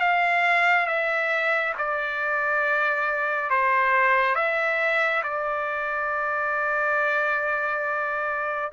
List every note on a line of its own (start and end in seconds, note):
0.00 0.87 F5
0.87 1.74 E5
1.78 3.50 D5
3.50 4.36 C5
4.36 5.23 E5
5.23 8.71 D5